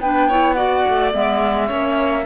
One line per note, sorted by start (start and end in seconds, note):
0.00 0.85 B3
0.00 0.31 D4
0.00 0.29 B4
0.00 0.53 G5
0.29 0.56 E4
0.29 0.56 C#5
0.53 1.12 F#4
0.53 1.68 D5
0.53 1.10 F#5
0.88 1.14 A3
1.12 1.71 G#3
1.12 1.68 B3
1.12 2.26 E5
1.68 2.26 A#3
1.68 2.24 C#4
1.68 2.24 C#5